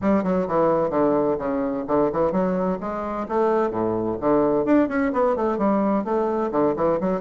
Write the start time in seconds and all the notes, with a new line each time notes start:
0.01 G3
0.23 F#3
0.47 E3
0.90 D3
1.38 C#3
1.87 D3
2.12 E3
2.32 F#3
2.80 G#3
3.28 A3
3.70 A2
4.20 D3
4.65 D4
4.88 C#4
5.12 B3
5.36 A3
5.58 G3
6.04 A3
6.51 D3
6.75 E3
7.00 F#3